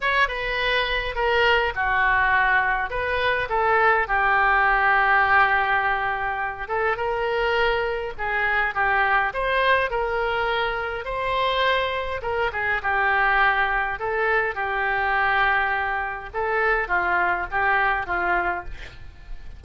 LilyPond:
\new Staff \with { instrumentName = "oboe" } { \time 4/4 \tempo 4 = 103 cis''8 b'4. ais'4 fis'4~ | fis'4 b'4 a'4 g'4~ | g'2.~ g'8 a'8 | ais'2 gis'4 g'4 |
c''4 ais'2 c''4~ | c''4 ais'8 gis'8 g'2 | a'4 g'2. | a'4 f'4 g'4 f'4 | }